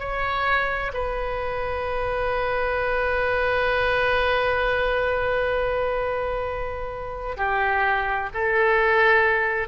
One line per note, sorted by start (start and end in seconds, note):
0.00 0.92 C#5
0.94 7.38 B4
7.38 8.30 G4
8.35 9.69 A4